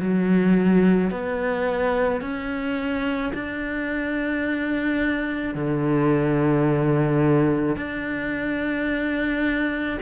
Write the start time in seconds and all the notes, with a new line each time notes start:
0.00 F#3
1.11 B3
2.21 C#4
3.34 D4
5.55 D3
7.76 D4